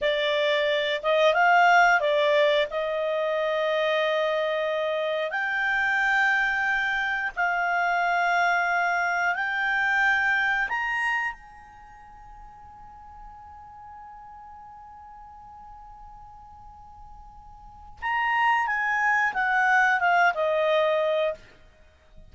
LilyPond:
\new Staff \with { instrumentName = "clarinet" } { \time 4/4 \tempo 4 = 90 d''4. dis''8 f''4 d''4 | dis''1 | g''2. f''4~ | f''2 g''2 |
ais''4 gis''2.~ | gis''1~ | gis''2. ais''4 | gis''4 fis''4 f''8 dis''4. | }